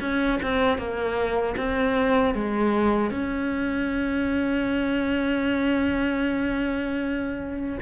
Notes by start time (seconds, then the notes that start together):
0.00 C#4
0.42 C4
0.77 A#3
1.57 C4
2.34 G#3
3.10 C#4